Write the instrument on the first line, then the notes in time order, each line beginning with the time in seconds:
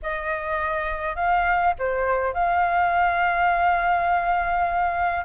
flute
0.02 D#5
1.15 F5
1.78 C5
2.33 F5